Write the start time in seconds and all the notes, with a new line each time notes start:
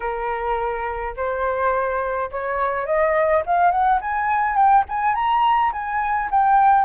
0.00 A#4
1.16 C5
2.31 C#5
2.85 D#5
3.45 F5
3.71 F#5
4.01 G#5
4.56 G5
4.89 G#5
5.15 A#5
5.72 G#5
6.30 G5